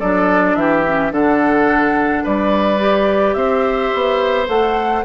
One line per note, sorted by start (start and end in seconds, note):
0.00 0.55 F#3
0.00 0.86 D4
0.00 0.56 A4
0.00 0.56 D5
0.55 1.12 E3
0.55 1.13 G4
0.55 1.12 E5
0.86 1.11 C#4
1.11 2.24 D3
1.11 2.79 D4
1.11 2.24 A4
1.11 2.26 F#5
2.24 3.35 G3
2.24 3.36 B4
2.24 3.34 D5
2.79 4.46 G4
3.34 3.91 C4
3.34 5.05 C5
3.34 4.46 E5
3.95 4.48 B3
4.46 5.05 A3
4.46 5.02 A4
4.46 5.05 F#5